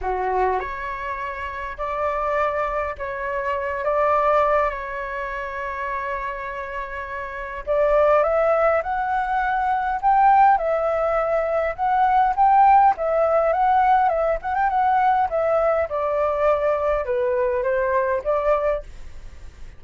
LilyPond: \new Staff \with { instrumentName = "flute" } { \time 4/4 \tempo 4 = 102 fis'4 cis''2 d''4~ | d''4 cis''4. d''4. | cis''1~ | cis''4 d''4 e''4 fis''4~ |
fis''4 g''4 e''2 | fis''4 g''4 e''4 fis''4 | e''8 fis''16 g''16 fis''4 e''4 d''4~ | d''4 b'4 c''4 d''4 | }